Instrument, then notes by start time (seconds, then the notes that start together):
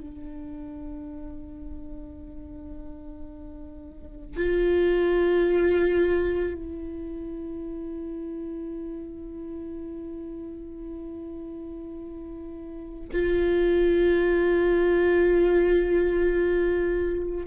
viola
0.00 D4
4.36 F4
6.55 E4
13.13 F4